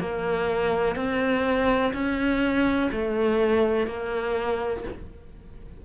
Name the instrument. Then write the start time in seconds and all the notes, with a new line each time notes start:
cello
0.00 A#3
0.96 C4
1.94 C#4
2.92 A3
3.87 A#3